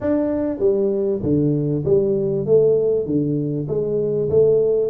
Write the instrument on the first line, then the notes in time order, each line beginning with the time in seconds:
tuba
0.01 D4
0.59 G3
1.22 D3
1.85 G3
2.45 A3
3.06 D3
3.67 G#3
4.29 A3